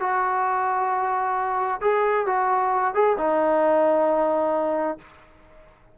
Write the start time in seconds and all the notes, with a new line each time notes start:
0.00 F#4
1.81 G#4
2.26 F#4
2.94 G#4
3.17 D#4